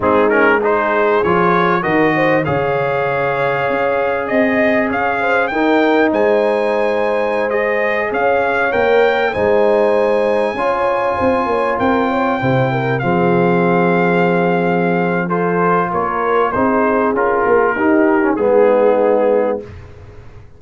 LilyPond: <<
  \new Staff \with { instrumentName = "trumpet" } { \time 4/4 \tempo 4 = 98 gis'8 ais'8 c''4 cis''4 dis''4 | f''2. dis''4 | f''4 g''4 gis''2~ | gis''16 dis''4 f''4 g''4 gis''8.~ |
gis''2.~ gis''16 g''8.~ | g''4~ g''16 f''2~ f''8.~ | f''4 c''4 cis''4 c''4 | ais'2 gis'2 | }
  \new Staff \with { instrumentName = "horn" } { \time 4/4 dis'4 gis'2 ais'8 c''8 | cis''2. dis''4 | cis''8 c''8 ais'4 c''2~ | c''4~ c''16 cis''2 c''8.~ |
c''4~ c''16 cis''4 c''8 cis''8 ais'8 cis''16~ | cis''16 c''8 ais'8 gis'2~ gis'8.~ | gis'4 a'4 ais'4 gis'4~ | gis'4 g'4 dis'2 | }
  \new Staff \with { instrumentName = "trombone" } { \time 4/4 c'8 cis'8 dis'4 f'4 fis'4 | gis'1~ | gis'4 dis'2.~ | dis'16 gis'2 ais'4 dis'8.~ |
dis'4~ dis'16 f'2~ f'8.~ | f'16 e'4 c'2~ c'8.~ | c'4 f'2 dis'4 | f'4 dis'8. cis'16 b2 | }
  \new Staff \with { instrumentName = "tuba" } { \time 4/4 gis2 f4 dis4 | cis2 cis'4 c'4 | cis'4 dis'4 gis2~ | gis4~ gis16 cis'4 ais4 gis8.~ |
gis4~ gis16 cis'4 c'8 ais8 c'8.~ | c'16 c4 f2~ f8.~ | f2 ais4 c'4 | cis'8 ais8 dis'4 gis2 | }
>>